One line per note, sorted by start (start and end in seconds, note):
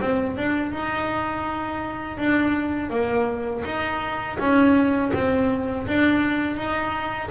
0.00 0.37 C4
0.37 0.72 D4
0.72 2.17 D#4
2.17 2.90 D4
2.90 3.63 A#3
3.65 4.38 D#4
4.39 5.12 C#4
5.13 5.86 C4
5.87 6.56 D4
6.56 7.29 D#4